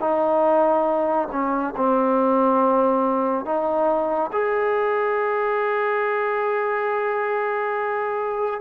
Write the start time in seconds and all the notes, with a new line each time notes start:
0.00 D#4
1.31 C#4
1.76 C4
3.45 D#4
4.32 G#4